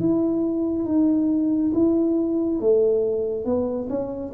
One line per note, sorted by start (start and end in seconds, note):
0.00 0.86 E4
0.86 1.73 D#4
1.74 2.60 E4
2.60 3.45 A3
3.45 3.89 B3
3.90 4.33 C#4